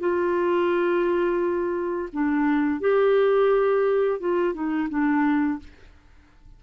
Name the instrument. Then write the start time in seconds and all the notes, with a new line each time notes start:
clarinet
0.00 F4
2.13 D4
2.80 G4
4.20 F4
4.54 D#4
4.89 D4